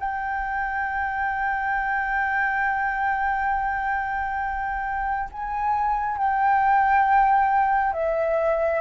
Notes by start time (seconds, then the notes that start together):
0.00 G5
5.32 G#5
6.17 G5
7.93 E5